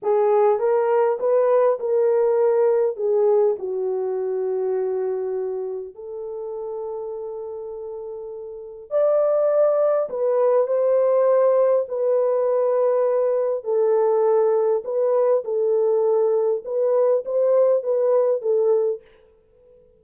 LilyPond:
\new Staff \with { instrumentName = "horn" } { \time 4/4 \tempo 4 = 101 gis'4 ais'4 b'4 ais'4~ | ais'4 gis'4 fis'2~ | fis'2 a'2~ | a'2. d''4~ |
d''4 b'4 c''2 | b'2. a'4~ | a'4 b'4 a'2 | b'4 c''4 b'4 a'4 | }